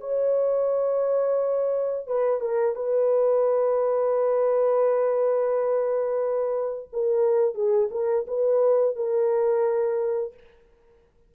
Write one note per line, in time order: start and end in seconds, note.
0.00 2.06 C#5
2.06 2.40 B4
2.40 2.75 A#4
2.75 6.89 B4
6.92 7.54 A#4
7.54 7.89 G#4
7.91 8.25 A#4
8.27 8.95 B4
8.95 10.33 A#4